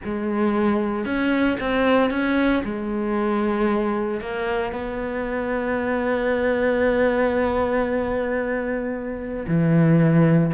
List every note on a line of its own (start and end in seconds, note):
0.04 1.05 G#3
1.05 1.57 C#4
1.59 2.10 C4
2.10 2.62 C#4
2.64 4.20 G#3
4.20 4.72 A#3
4.72 9.46 B3
9.47 10.52 E3